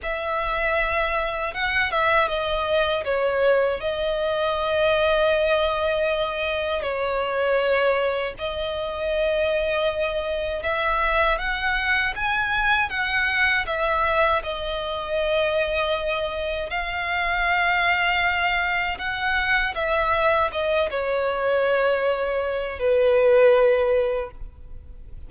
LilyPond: \new Staff \with { instrumentName = "violin" } { \time 4/4 \tempo 4 = 79 e''2 fis''8 e''8 dis''4 | cis''4 dis''2.~ | dis''4 cis''2 dis''4~ | dis''2 e''4 fis''4 |
gis''4 fis''4 e''4 dis''4~ | dis''2 f''2~ | f''4 fis''4 e''4 dis''8 cis''8~ | cis''2 b'2 | }